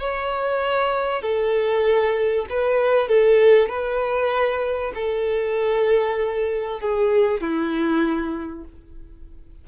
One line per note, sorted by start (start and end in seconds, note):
0.00 1.23 C#5
1.23 2.46 A4
2.50 3.09 B4
3.09 3.69 A4
3.69 4.93 B4
4.95 6.81 A4
6.81 7.41 G#4
7.41 8.65 E4